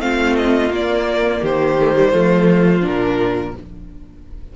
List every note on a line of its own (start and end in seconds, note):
0.00 0.70 A3
0.00 0.71 C4
0.00 1.42 F4
0.00 0.36 F5
0.37 0.72 D#5
0.70 1.41 A#3
0.70 1.79 A#3
0.70 1.45 D5
1.42 2.13 D#3
1.42 2.12 G4
1.42 2.86 C5
1.80 1.95 A3
1.95 2.12 G3
2.12 2.84 F3
2.12 2.82 A3
2.12 3.53 F4
2.82 3.55 A#2
2.82 3.52 D4
2.82 3.56 A#4